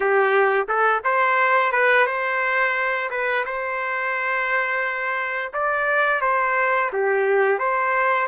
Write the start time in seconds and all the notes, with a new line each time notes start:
0.00 G4
0.68 A4
1.03 C5
1.72 B4
2.06 C5
3.10 B4
3.45 C5
5.53 D5
6.21 C5
6.92 G4
7.59 C5